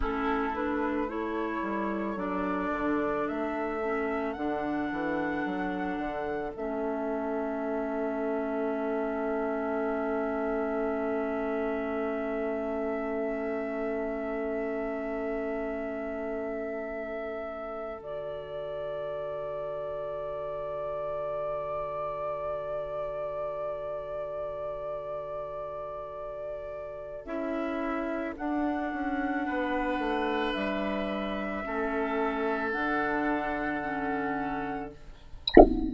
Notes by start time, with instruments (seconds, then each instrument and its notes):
0.00 bassoon A3, clarinet C#4, oboe E4, flute A4
0.54 clarinet D4, flute B4
1.06 clarinet E4, oboe A4, flute C#5
1.62 bassoon G3
2.16 bassoon F#3, clarinet D4, flute D5
2.71 bassoon D3
3.27 bassoon A3, flute E5
3.83 clarinet C#4
4.32 bassoon D3, clarinet D4, flute F#5
4.91 bassoon E3
5.45 bassoon F#3
5.97 bassoon D3
6.56 bassoon A3, clarinet C#4, flute E5
17.97 bassoon D3, clarinet F#4, flute D5
27.24 bassoon C#4, clarinet E4, flute E5
28.36 clarinet D4, bassoon D4, flute F#5
28.92 bassoon C#4
29.45 bassoon B3, oboe B4
29.98 bassoon A3
30.52 bassoon G3, flute E5
31.64 bassoon A3, clarinet C#4, oboe A4
32.71 bassoon D3, clarinet D4, flute F#5
33.82 clarinet C#4